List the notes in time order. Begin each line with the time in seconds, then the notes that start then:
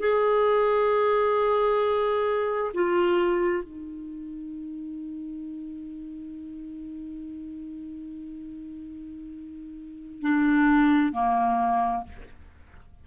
0.00 G#4
2.74 F4
3.64 D#4
10.22 D4
11.13 A#3